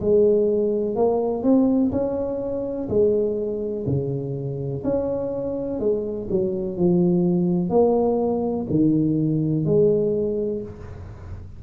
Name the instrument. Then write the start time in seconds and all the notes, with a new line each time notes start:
tuba
0.00 G#3
0.95 A#3
1.43 C4
1.91 C#4
2.89 G#3
3.86 C#3
4.84 C#4
5.79 G#3
6.30 F#3
6.77 F3
7.69 A#3
8.70 D#3
9.65 G#3